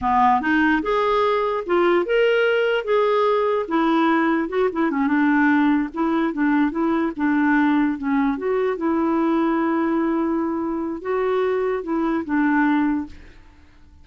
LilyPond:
\new Staff \with { instrumentName = "clarinet" } { \time 4/4 \tempo 4 = 147 b4 dis'4 gis'2 | f'4 ais'2 gis'4~ | gis'4 e'2 fis'8 e'8 | cis'8 d'2 e'4 d'8~ |
d'8 e'4 d'2 cis'8~ | cis'8 fis'4 e'2~ e'8~ | e'2. fis'4~ | fis'4 e'4 d'2 | }